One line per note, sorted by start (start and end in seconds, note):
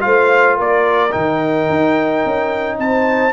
0.00 0.60 A3
0.00 1.10 F4
0.00 0.57 C5
0.00 0.56 F5
0.57 1.15 A#3
0.57 2.77 A#4
0.57 1.12 D5
1.12 1.69 D#3
1.12 3.32 D#4
1.12 2.77 G5
1.69 2.25 D#4
2.26 2.79 C#4
2.79 3.33 C4
2.79 3.33 C5
2.79 3.33 A5